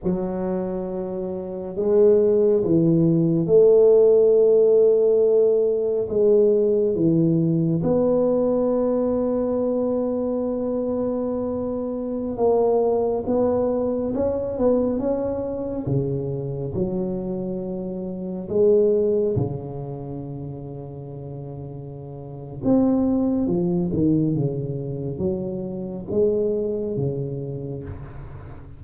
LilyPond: \new Staff \with { instrumentName = "tuba" } { \time 4/4 \tempo 4 = 69 fis2 gis4 e4 | a2. gis4 | e4 b2.~ | b2~ b16 ais4 b8.~ |
b16 cis'8 b8 cis'4 cis4 fis8.~ | fis4~ fis16 gis4 cis4.~ cis16~ | cis2 c'4 f8 dis8 | cis4 fis4 gis4 cis4 | }